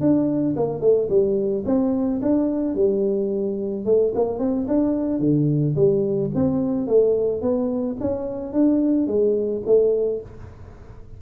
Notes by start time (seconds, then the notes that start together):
0.00 D4
0.56 A#3
0.81 A3
1.09 G3
1.65 C4
2.22 D4
2.75 G3
3.85 A3
4.15 A#3
4.39 C4
4.67 D4
5.19 D3
5.75 G3
6.35 C4
6.87 A3
7.41 B3
8.00 C#4
8.52 D4
9.07 G#3
9.66 A3